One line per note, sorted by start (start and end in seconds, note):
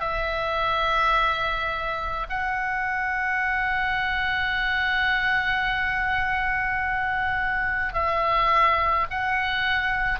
0.00 2.26 E5
2.29 7.93 F#5
7.93 9.06 E5
9.10 10.19 F#5